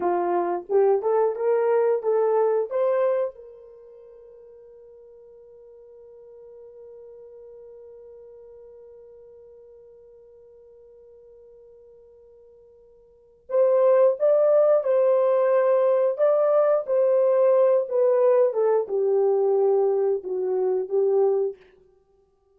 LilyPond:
\new Staff \with { instrumentName = "horn" } { \time 4/4 \tempo 4 = 89 f'4 g'8 a'8 ais'4 a'4 | c''4 ais'2.~ | ais'1~ | ais'1~ |
ais'1 | c''4 d''4 c''2 | d''4 c''4. b'4 a'8 | g'2 fis'4 g'4 | }